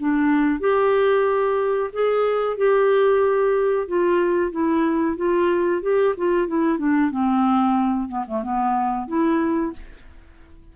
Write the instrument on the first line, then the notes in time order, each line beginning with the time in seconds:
clarinet
0.00 D4
0.60 G4
1.93 G#4
2.58 G4
3.88 F4
4.52 E4
5.17 F4
5.83 G4
6.17 F4
6.48 E4
6.79 D4
7.11 C4
8.09 B3
8.27 A3
8.43 B3
9.08 E4